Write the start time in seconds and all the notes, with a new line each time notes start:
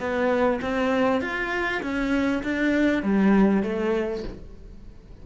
0.00 B3
0.62 C4
1.21 F4
1.83 C#4
2.44 D4
3.03 G3
3.63 A3